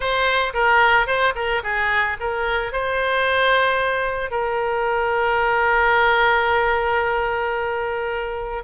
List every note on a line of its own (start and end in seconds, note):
0.00 0.53 C5
0.53 1.06 A#4
1.06 1.33 C5
1.35 1.62 A#4
1.63 2.17 G#4
2.19 2.72 A#4
2.72 4.30 C5
4.30 8.63 A#4